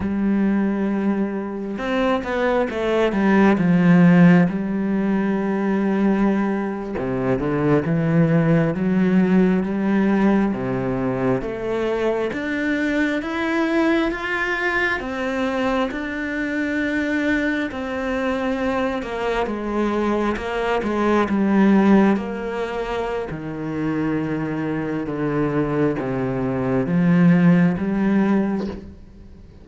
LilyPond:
\new Staff \with { instrumentName = "cello" } { \time 4/4 \tempo 4 = 67 g2 c'8 b8 a8 g8 | f4 g2~ g8. c16~ | c16 d8 e4 fis4 g4 c16~ | c8. a4 d'4 e'4 f'16~ |
f'8. c'4 d'2 c'16~ | c'4~ c'16 ais8 gis4 ais8 gis8 g16~ | g8. ais4~ ais16 dis2 | d4 c4 f4 g4 | }